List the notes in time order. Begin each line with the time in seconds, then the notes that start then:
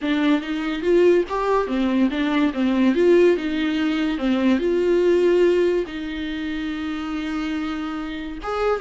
0.01 D4
0.41 D#4
0.81 F4
1.29 G4
1.67 C4
2.10 D4
2.53 C4
2.95 F4
3.36 D#4
4.17 C4
4.58 F4
5.86 D#4
8.42 G#4